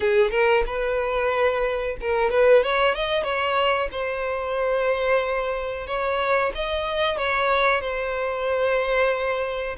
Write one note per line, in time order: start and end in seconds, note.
0.00 0.31 G#4
0.31 0.63 A#4
0.66 1.96 B4
2.00 2.30 A#4
2.30 2.63 B4
2.63 2.94 C#5
2.94 3.23 D#5
3.23 3.89 C#5
3.91 5.87 C5
5.87 6.52 C#5
6.54 7.17 D#5
7.17 7.80 C#5
7.80 9.76 C5